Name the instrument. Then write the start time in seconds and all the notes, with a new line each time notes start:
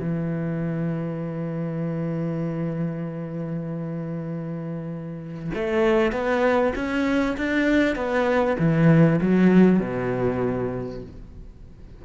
cello
0.00 E3
5.54 A3
6.12 B3
6.75 C#4
7.37 D4
7.96 B3
8.59 E3
9.21 F#3
9.80 B2